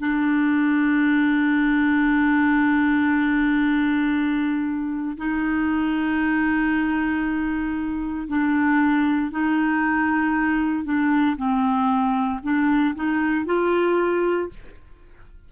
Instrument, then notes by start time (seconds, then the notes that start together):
clarinet
0.00 D4
5.18 D#4
8.29 D4
9.32 D#4
10.85 D4
11.37 C4
12.43 D4
12.95 D#4
13.46 F4